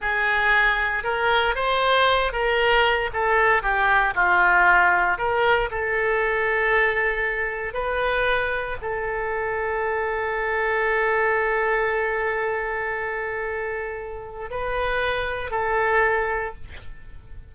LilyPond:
\new Staff \with { instrumentName = "oboe" } { \time 4/4 \tempo 4 = 116 gis'2 ais'4 c''4~ | c''8 ais'4. a'4 g'4 | f'2 ais'4 a'4~ | a'2. b'4~ |
b'4 a'2.~ | a'1~ | a'1 | b'2 a'2 | }